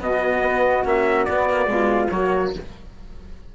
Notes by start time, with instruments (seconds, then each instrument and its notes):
0.00 bassoon B2, cello B3, flute F#4, trumpet D#5
0.41 bassoon B3
0.84 bassoon A#3, cello C#4, trumpet E5
1.25 bassoon B3, cello B3, trumpet D5
1.49 cello A#3
1.66 bassoon B2, cello G#3, flute F4
2.10 bassoon F#3, cello A#3, flute F#4, trumpet C#5